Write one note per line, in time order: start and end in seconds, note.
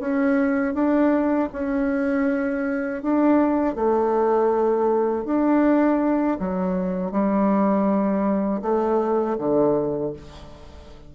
0.00 0.75 C#4
0.75 1.50 D4
1.53 3.03 C#4
3.03 3.76 D4
3.76 5.26 A3
5.26 6.38 D4
6.40 7.12 F#3
7.12 8.62 G3
8.62 9.38 A3
9.39 10.14 D3